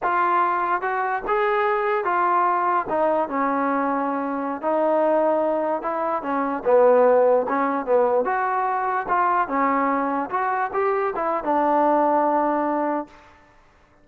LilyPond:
\new Staff \with { instrumentName = "trombone" } { \time 4/4 \tempo 4 = 147 f'2 fis'4 gis'4~ | gis'4 f'2 dis'4 | cis'2.~ cis'16 dis'8.~ | dis'2~ dis'16 e'4 cis'8.~ |
cis'16 b2 cis'4 b8.~ | b16 fis'2 f'4 cis'8.~ | cis'4~ cis'16 fis'4 g'4 e'8. | d'1 | }